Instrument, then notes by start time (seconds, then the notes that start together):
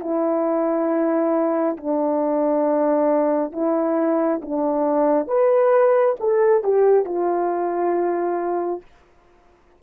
horn
0.00 E4
1.77 D4
3.52 E4
4.42 D4
5.27 B4
6.20 A4
6.63 G4
7.05 F4